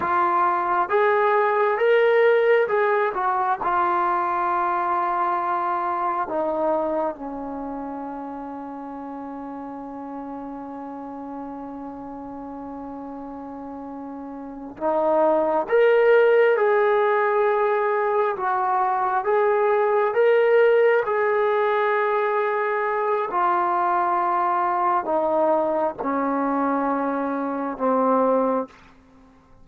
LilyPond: \new Staff \with { instrumentName = "trombone" } { \time 4/4 \tempo 4 = 67 f'4 gis'4 ais'4 gis'8 fis'8 | f'2. dis'4 | cis'1~ | cis'1~ |
cis'8 dis'4 ais'4 gis'4.~ | gis'8 fis'4 gis'4 ais'4 gis'8~ | gis'2 f'2 | dis'4 cis'2 c'4 | }